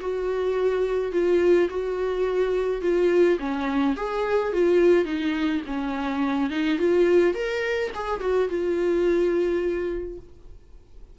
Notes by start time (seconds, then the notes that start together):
0.00 F#4
1.12 F4
1.69 F#4
2.81 F4
3.39 C#4
3.96 G#4
4.52 F4
5.05 D#4
5.66 C#4
6.50 D#4
6.78 F4
7.34 A#4
7.94 G#4
8.20 F#4
8.48 F4